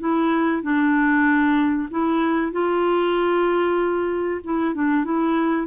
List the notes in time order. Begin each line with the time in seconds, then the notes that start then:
0.00 E4
0.63 D4
1.91 E4
2.52 F4
4.44 E4
4.75 D4
5.05 E4